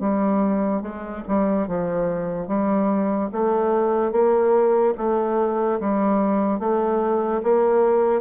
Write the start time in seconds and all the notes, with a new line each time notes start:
0.00 G3
0.82 G#3
1.28 G3
1.67 F3
2.47 G3
3.32 A3
4.12 A#3
4.98 A3
5.80 G3
6.59 A3
7.43 A#3